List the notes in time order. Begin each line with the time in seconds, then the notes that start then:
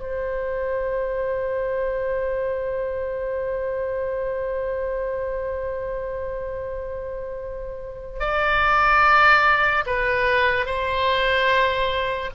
0.00 C5
8.20 D5
9.87 B4
10.66 C5